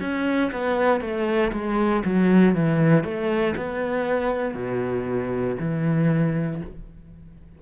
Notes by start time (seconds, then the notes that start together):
0.00 C#4
0.52 B3
1.01 A3
1.52 G#3
2.05 F#3
2.55 E3
3.04 A3
3.56 B3
4.54 B2
5.60 E3